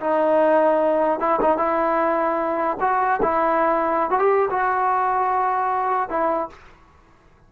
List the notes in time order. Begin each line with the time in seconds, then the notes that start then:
0.00 D#4
1.19 E4
1.41 D#4
1.57 E4
2.80 F#4
3.22 E4
4.10 F#4
4.19 G4
4.50 F#4
6.09 E4